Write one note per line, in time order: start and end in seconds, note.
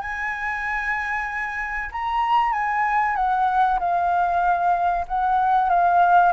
0.00 1.89 G#5
1.91 2.52 A#5
2.52 3.15 G#5
3.15 3.78 F#5
3.79 5.06 F5
5.08 5.69 F#5
5.69 6.32 F5